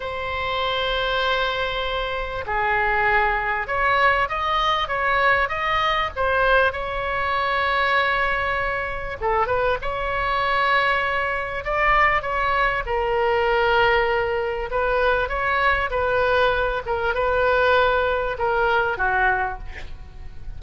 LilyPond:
\new Staff \with { instrumentName = "oboe" } { \time 4/4 \tempo 4 = 98 c''1 | gis'2 cis''4 dis''4 | cis''4 dis''4 c''4 cis''4~ | cis''2. a'8 b'8 |
cis''2. d''4 | cis''4 ais'2. | b'4 cis''4 b'4. ais'8 | b'2 ais'4 fis'4 | }